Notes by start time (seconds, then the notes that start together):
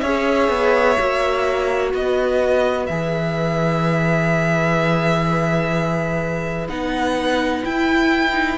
0.00 C#4 G#4 C#5 E5
0.49 B3
0.98 A#3 F#4
1.93 B3 B4 D#5
2.87 E3 G#4 E5
6.68 B3 D#4 F#5
7.64 E4 G5
8.32 D#4